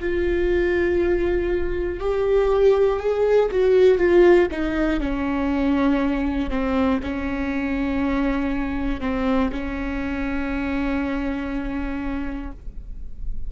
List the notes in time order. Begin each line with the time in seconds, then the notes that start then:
0.00 F4
2.00 G4
3.00 G#4
3.51 F#4
3.98 F4
4.51 D#4
5.00 C#4
6.50 C4
7.03 C#4
9.00 C4
9.51 C#4